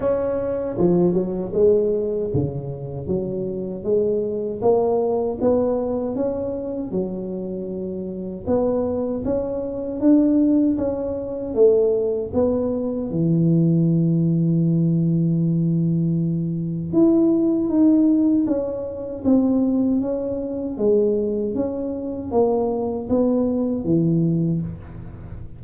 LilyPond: \new Staff \with { instrumentName = "tuba" } { \time 4/4 \tempo 4 = 78 cis'4 f8 fis8 gis4 cis4 | fis4 gis4 ais4 b4 | cis'4 fis2 b4 | cis'4 d'4 cis'4 a4 |
b4 e2.~ | e2 e'4 dis'4 | cis'4 c'4 cis'4 gis4 | cis'4 ais4 b4 e4 | }